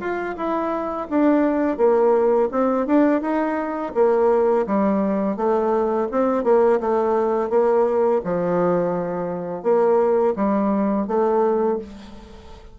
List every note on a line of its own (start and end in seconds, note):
0.00 0.36 F4
0.36 1.07 E4
1.10 1.77 D4
1.77 2.49 A#3
2.51 2.86 C4
2.86 3.21 D4
3.21 3.93 D#4
3.94 4.66 A#3
4.66 5.36 G3
5.36 6.08 A3
6.11 6.44 C4
6.44 6.80 A#3
6.80 7.50 A3
7.50 8.21 A#3
8.24 9.63 F3
9.63 10.34 A#3
10.36 11.07 G3
11.07 11.79 A3